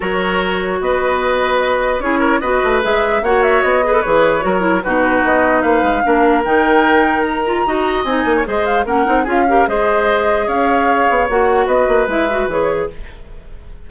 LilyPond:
<<
  \new Staff \with { instrumentName = "flute" } { \time 4/4 \tempo 4 = 149 cis''2 dis''2~ | dis''4 cis''4 dis''4 e''4 | fis''8 e''8 dis''4 cis''2 | b'4 dis''4 f''2 |
g''2 ais''2 | gis''4 dis''8 f''8 fis''4 f''4 | dis''2 f''2 | fis''4 dis''4 e''4 cis''4 | }
  \new Staff \with { instrumentName = "oboe" } { \time 4/4 ais'2 b'2~ | b'4 gis'8 ais'8 b'2 | cis''4. b'4. ais'4 | fis'2 b'4 ais'4~ |
ais'2. dis''4~ | dis''8. cis''16 c''4 ais'4 gis'8 ais'8 | c''2 cis''2~ | cis''4 b'2. | }
  \new Staff \with { instrumentName = "clarinet" } { \time 4/4 fis'1~ | fis'4 e'4 fis'4 gis'4 | fis'4. gis'16 a'16 gis'4 fis'8 e'8 | dis'2. d'4 |
dis'2~ dis'8 f'8 fis'4 | dis'4 gis'4 cis'8 dis'8 f'8 g'8 | gis'1 | fis'2 e'8 fis'8 gis'4 | }
  \new Staff \with { instrumentName = "bassoon" } { \time 4/4 fis2 b2~ | b4 cis'4 b8 a8 gis4 | ais4 b4 e4 fis4 | b,4 b4 ais8 gis8 ais4 |
dis2. dis'4 | c'8 ais8 gis4 ais8 c'8 cis'4 | gis2 cis'4. b8 | ais4 b8 ais8 gis4 e4 | }
>>